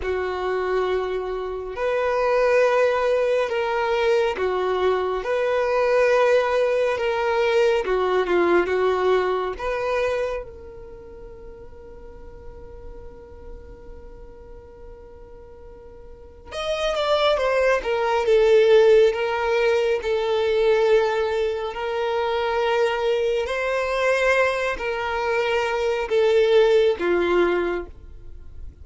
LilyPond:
\new Staff \with { instrumentName = "violin" } { \time 4/4 \tempo 4 = 69 fis'2 b'2 | ais'4 fis'4 b'2 | ais'4 fis'8 f'8 fis'4 b'4 | ais'1~ |
ais'2. dis''8 d''8 | c''8 ais'8 a'4 ais'4 a'4~ | a'4 ais'2 c''4~ | c''8 ais'4. a'4 f'4 | }